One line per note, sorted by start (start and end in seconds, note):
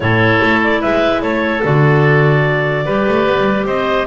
0.00 0.40 A2
0.00 1.61 E4
0.00 0.80 A4
0.00 0.61 C#5
0.42 0.83 A3
0.63 0.81 D5
0.80 1.22 G#3
0.80 1.21 B4
0.80 1.22 E5
1.22 1.62 A3
1.22 2.85 A4
1.22 1.62 C#5
1.62 2.86 D3
1.62 2.85 F#4
1.62 3.67 D5
2.85 3.07 G3
2.85 4.06 G4
2.85 3.66 B4
3.08 3.27 A3
3.27 3.37 B3
3.37 3.65 G3
3.65 4.06 C4
3.65 4.06 C5
3.65 4.06 D#5